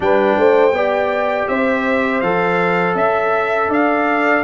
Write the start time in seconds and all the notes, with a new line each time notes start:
0.00 G3 D4 B4 G5
0.37 A3 C5
0.72 B3 G4 D5
1.48 C4 C5 E5
2.20 F3 A4 F5
2.95 C#4 E5
3.68 D4 D5 F5